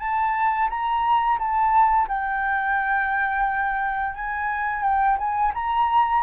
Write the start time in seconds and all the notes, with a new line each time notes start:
0.00 A5
0.70 A#5
1.39 A5
2.08 G5
4.15 G#5
4.83 G5
5.18 G#5
5.55 A#5